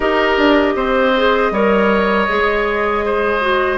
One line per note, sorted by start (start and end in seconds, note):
0.00 0.37 D#4
0.00 1.14 G4
0.00 0.73 A#4
0.00 3.77 D#5
0.37 0.75 D4
0.75 1.51 C4
0.75 1.52 C5
1.16 1.53 G#4
1.51 2.27 G3
1.51 2.28 A#4
1.51 3.05 C#5
2.28 3.77 G#3
2.28 3.40 G#4
3.05 3.77 C5
3.40 3.77 F#4